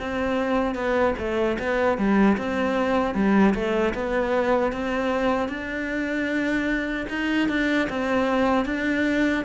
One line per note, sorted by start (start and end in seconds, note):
0.00 0.75 C4
0.75 1.14 B3
1.18 1.58 A3
1.59 1.98 B3
1.98 2.37 G3
2.38 3.15 C4
3.15 3.54 G3
3.55 3.94 A3
3.94 4.73 B3
4.73 5.49 C4
5.49 7.07 D4
7.09 7.49 D#4
7.49 7.88 D4
7.89 8.66 C4
8.66 9.44 D4